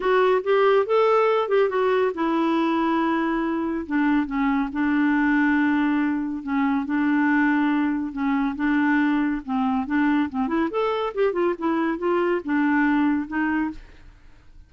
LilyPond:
\new Staff \with { instrumentName = "clarinet" } { \time 4/4 \tempo 4 = 140 fis'4 g'4 a'4. g'8 | fis'4 e'2.~ | e'4 d'4 cis'4 d'4~ | d'2. cis'4 |
d'2. cis'4 | d'2 c'4 d'4 | c'8 e'8 a'4 g'8 f'8 e'4 | f'4 d'2 dis'4 | }